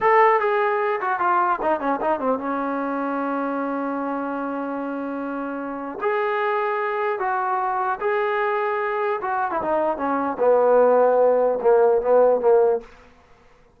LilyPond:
\new Staff \with { instrumentName = "trombone" } { \time 4/4 \tempo 4 = 150 a'4 gis'4. fis'8 f'4 | dis'8 cis'8 dis'8 c'8 cis'2~ | cis'1~ | cis'2. gis'4~ |
gis'2 fis'2 | gis'2. fis'8. e'16 | dis'4 cis'4 b2~ | b4 ais4 b4 ais4 | }